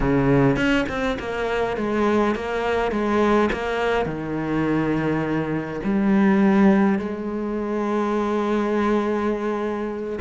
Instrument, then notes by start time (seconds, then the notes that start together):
cello
0.00 C#3
0.56 C#4
0.88 C4
1.19 A#3
1.76 G#3
2.35 A#3
2.91 G#3
3.52 A#3
4.05 D#3
5.84 G3
6.98 G#3